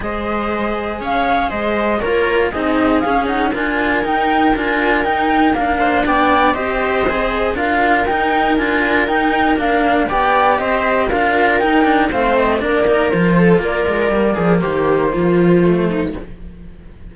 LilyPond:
<<
  \new Staff \with { instrumentName = "flute" } { \time 4/4 \tempo 4 = 119 dis''2 f''4 dis''4 | cis''4 dis''4 f''8 fis''8 gis''4 | g''4 gis''4 g''4 f''4 | g''4 dis''2 f''4 |
g''4 gis''4 g''4 f''4 | g''4 dis''4 f''4 g''4 | f''8 dis''8 d''4 c''4 d''4~ | d''4 c''2. | }
  \new Staff \with { instrumentName = "viola" } { \time 4/4 c''2 cis''4 c''4 | ais'4 gis'2 ais'4~ | ais'2.~ ais'8 c''8 | d''4 c''2 ais'4~ |
ais'1 | d''4 c''4 ais'2 | c''4 ais'4. a'8 ais'4~ | ais'8 gis'8 g'4 f'4. dis'8 | }
  \new Staff \with { instrumentName = "cello" } { \time 4/4 gis'1 | f'4 dis'4 cis'8 dis'8 f'4 | dis'4 f'4 dis'4 d'4~ | d'4 g'4 gis'4 f'4 |
dis'4 f'4 dis'4 d'4 | g'2 f'4 dis'8 d'8 | c'4 d'8 dis'8 f'2 | ais2. a4 | }
  \new Staff \with { instrumentName = "cello" } { \time 4/4 gis2 cis'4 gis4 | ais4 c'4 cis'4 d'4 | dis'4 d'4 dis'4 ais4 | b4 c'2 d'4 |
dis'4 d'4 dis'4 ais4 | b4 c'4 d'4 dis'4 | a4 ais4 f4 ais8 gis8 | g8 f8 dis4 f2 | }
>>